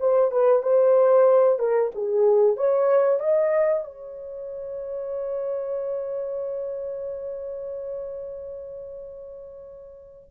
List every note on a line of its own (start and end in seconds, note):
0.00 0.31 C5
0.31 0.63 B4
0.63 1.59 C5
1.59 1.91 A#4
1.95 2.57 G#4
2.57 3.20 C#5
3.20 3.84 D#5
3.84 10.29 C#5